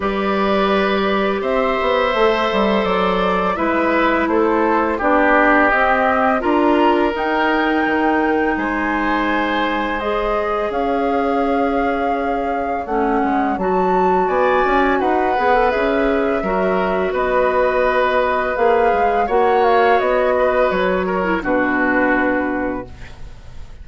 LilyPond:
<<
  \new Staff \with { instrumentName = "flute" } { \time 4/4 \tempo 4 = 84 d''2 e''2 | d''4 e''4 c''4 d''4 | dis''4 ais''4 g''2 | gis''2 dis''4 f''4~ |
f''2 fis''4 a''4 | gis''4 fis''4 e''2 | dis''2 f''4 fis''8 f''8 | dis''4 cis''4 b'2 | }
  \new Staff \with { instrumentName = "oboe" } { \time 4/4 b'2 c''2~ | c''4 b'4 a'4 g'4~ | g'4 ais'2. | c''2. cis''4~ |
cis''1 | d''4 b'2 ais'4 | b'2. cis''4~ | cis''8 b'4 ais'8 fis'2 | }
  \new Staff \with { instrumentName = "clarinet" } { \time 4/4 g'2. a'4~ | a'4 e'2 d'4 | c'4 f'4 dis'2~ | dis'2 gis'2~ |
gis'2 cis'4 fis'4~ | fis'4. gis'16 a'16 gis'4 fis'4~ | fis'2 gis'4 fis'4~ | fis'4.~ fis'16 e'16 d'2 | }
  \new Staff \with { instrumentName = "bassoon" } { \time 4/4 g2 c'8 b8 a8 g8 | fis4 gis4 a4 b4 | c'4 d'4 dis'4 dis4 | gis2. cis'4~ |
cis'2 a8 gis8 fis4 | b8 cis'8 dis'8 b8 cis'4 fis4 | b2 ais8 gis8 ais4 | b4 fis4 b,2 | }
>>